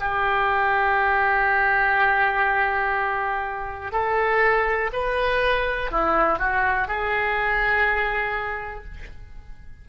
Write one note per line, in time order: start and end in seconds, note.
0.00 3.92 G4
3.92 4.90 A4
4.93 5.91 B4
5.91 6.38 E4
6.38 6.88 F#4
6.88 8.84 G#4